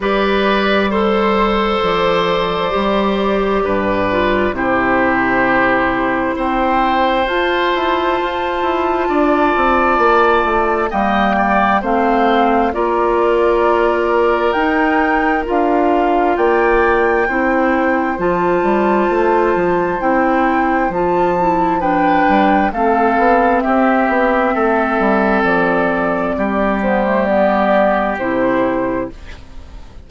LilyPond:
<<
  \new Staff \with { instrumentName = "flute" } { \time 4/4 \tempo 4 = 66 d''4 c''4 d''2~ | d''4 c''2 g''4 | a''1 | g''4 f''4 d''2 |
g''4 f''4 g''2 | a''2 g''4 a''4 | g''4 f''4 e''2 | d''4. c''8 d''4 c''4 | }
  \new Staff \with { instrumentName = "oboe" } { \time 4/4 b'4 c''2. | b'4 g'2 c''4~ | c''2 d''2 | dis''8 d''8 c''4 ais'2~ |
ais'2 d''4 c''4~ | c''1 | b'4 a'4 g'4 a'4~ | a'4 g'2. | }
  \new Staff \with { instrumentName = "clarinet" } { \time 4/4 g'4 a'2 g'4~ | g'8 f'8 e'2. | f'1 | ais4 c'4 f'2 |
dis'4 f'2 e'4 | f'2 e'4 f'8 e'8 | d'4 c'2.~ | c'4. b16 a16 b4 e'4 | }
  \new Staff \with { instrumentName = "bassoon" } { \time 4/4 g2 f4 g4 | g,4 c2 c'4 | f'8 e'8 f'8 e'8 d'8 c'8 ais8 a8 | g4 a4 ais2 |
dis'4 d'4 ais4 c'4 | f8 g8 a8 f8 c'4 f4~ | f8 g8 a8 b8 c'8 b8 a8 g8 | f4 g2 c4 | }
>>